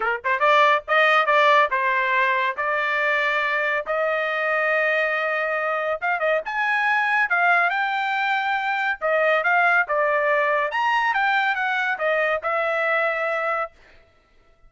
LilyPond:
\new Staff \with { instrumentName = "trumpet" } { \time 4/4 \tempo 4 = 140 ais'8 c''8 d''4 dis''4 d''4 | c''2 d''2~ | d''4 dis''2.~ | dis''2 f''8 dis''8 gis''4~ |
gis''4 f''4 g''2~ | g''4 dis''4 f''4 d''4~ | d''4 ais''4 g''4 fis''4 | dis''4 e''2. | }